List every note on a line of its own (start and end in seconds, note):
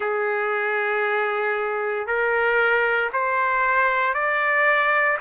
0.00 2.06 G#4
2.06 3.10 A#4
3.12 4.14 C5
4.14 5.17 D5